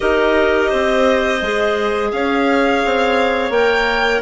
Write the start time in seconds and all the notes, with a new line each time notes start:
0.00 D#4 G4 A#4 D#5
0.69 C4 C5
1.41 G#3 G#4
2.11 C#4 C#5 F5
2.85 C4
3.50 A#3 A#4 G5